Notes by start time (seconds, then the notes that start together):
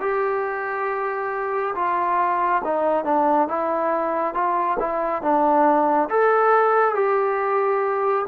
0.00 G4
1.74 F4
2.64 D#4
3.04 D4
3.48 E4
4.34 F4
4.79 E4
5.22 D4
6.09 A4
6.94 G4